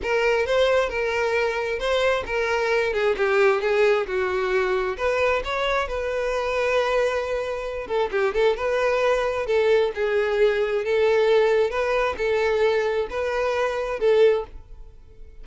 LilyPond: \new Staff \with { instrumentName = "violin" } { \time 4/4 \tempo 4 = 133 ais'4 c''4 ais'2 | c''4 ais'4. gis'8 g'4 | gis'4 fis'2 b'4 | cis''4 b'2.~ |
b'4. a'8 g'8 a'8 b'4~ | b'4 a'4 gis'2 | a'2 b'4 a'4~ | a'4 b'2 a'4 | }